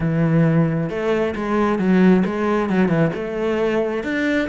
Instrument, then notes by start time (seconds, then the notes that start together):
cello
0.00 E3
0.89 A3
1.35 G#3
1.78 F#3
2.25 G#3
2.69 F#3
2.88 E3
3.14 A3
4.03 D4